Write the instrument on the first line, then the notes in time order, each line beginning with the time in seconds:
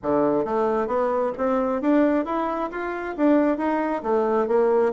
bassoon
0.02 D3
0.45 A3
0.87 B3
1.37 C4
1.81 D4
2.25 E4
2.71 F4
3.16 D4
3.57 D#4
4.02 A3
4.47 A#3